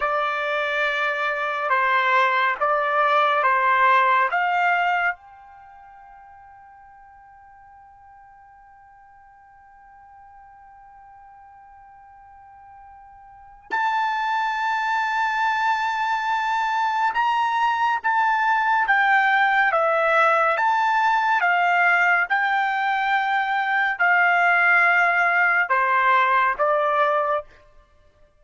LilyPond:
\new Staff \with { instrumentName = "trumpet" } { \time 4/4 \tempo 4 = 70 d''2 c''4 d''4 | c''4 f''4 g''2~ | g''1~ | g''1 |
a''1 | ais''4 a''4 g''4 e''4 | a''4 f''4 g''2 | f''2 c''4 d''4 | }